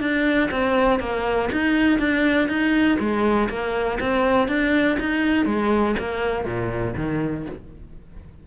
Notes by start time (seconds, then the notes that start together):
0.00 D4
0.51 C4
1.00 A#3
1.52 D#4
1.99 D4
2.48 D#4
3.00 G#3
3.49 A#3
4.00 C4
4.48 D4
5.00 D#4
5.46 G#3
5.99 A#3
6.45 A#2
6.97 D#3